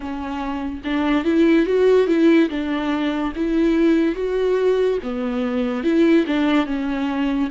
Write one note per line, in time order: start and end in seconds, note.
0.00 0.81 C#4
0.84 1.24 D4
1.24 1.66 E4
1.66 2.07 F#4
2.07 2.48 E4
2.49 3.33 D4
3.35 4.15 E4
4.15 4.98 F#4
5.02 5.83 B3
5.83 6.25 E4
6.27 6.66 D4
6.66 7.49 C#4